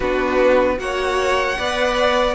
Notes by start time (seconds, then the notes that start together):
0.00 B3 D4 F#4 B4
0.77 A#3 F#4 C#5 F#5
1.57 B3 B4 D5